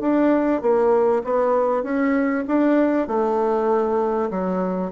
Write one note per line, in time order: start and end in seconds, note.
0.00 0.61 D4
0.61 1.22 A#3
1.24 1.83 B3
1.83 2.44 C#4
2.47 3.07 D4
3.07 4.29 A3
4.30 4.91 F#3